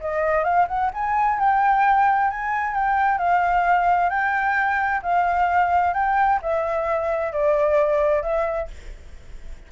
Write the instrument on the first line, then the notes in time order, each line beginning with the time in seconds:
flute
0.00 D#5
0.44 F5
0.67 F#5
0.93 G#5
1.39 G5
2.30 G#5
2.74 G5
3.18 F5
4.10 G5
5.02 F5
5.94 G5
6.42 E5
7.32 D5
8.22 E5